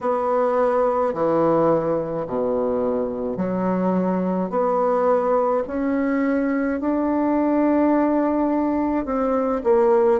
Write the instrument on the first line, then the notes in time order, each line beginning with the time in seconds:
bassoon
0.00 B3
1.13 E3
2.27 B2
3.37 F#3
4.50 B3
5.67 C#4
6.80 D4
9.05 C4
9.63 A#3